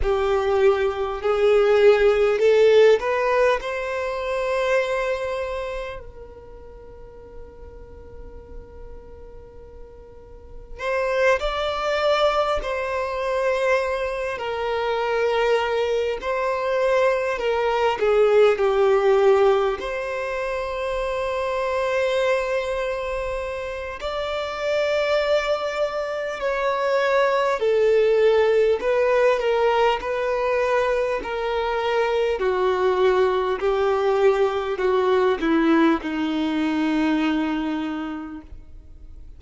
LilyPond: \new Staff \with { instrumentName = "violin" } { \time 4/4 \tempo 4 = 50 g'4 gis'4 a'8 b'8 c''4~ | c''4 ais'2.~ | ais'4 c''8 d''4 c''4. | ais'4. c''4 ais'8 gis'8 g'8~ |
g'8 c''2.~ c''8 | d''2 cis''4 a'4 | b'8 ais'8 b'4 ais'4 fis'4 | g'4 fis'8 e'8 dis'2 | }